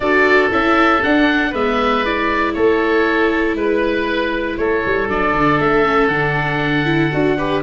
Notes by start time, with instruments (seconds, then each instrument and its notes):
0.00 tuba D4, viola F#4, oboe A4 D5
0.50 tuba C#4, viola E4, oboe E5
1.02 viola D4, tuba D4, oboe F#5
1.50 tuba G#3, viola B3, oboe B4 E5
2.05 viola E4, oboe D5
2.53 tuba A3, oboe A4 C#5
3.55 tuba G#3, oboe B4
4.57 tuba A3, oboe A4 C#5
4.85 tuba G3
5.08 tuba F#3, viola D4, oboe D5
5.33 tuba D3
5.59 tuba A3, oboe E5
5.85 viola C#4
6.07 tuba D3, viola D4, oboe F#5
6.85 viola E4
7.12 tuba D4, viola F#4
7.37 viola G4, oboe B4